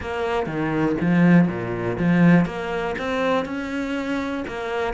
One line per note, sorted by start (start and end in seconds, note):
0.00 0.46 A#3
0.46 0.96 D#3
1.00 1.47 F3
1.47 1.97 A#2
1.98 2.45 F3
2.45 2.95 A#3
2.98 3.45 C4
3.45 4.44 C#4
4.47 4.93 A#3